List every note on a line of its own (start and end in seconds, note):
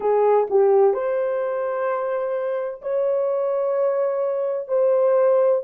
0.00 0.47 G#4
0.49 0.93 G4
0.93 2.81 C5
2.81 4.68 C#5
4.68 5.62 C5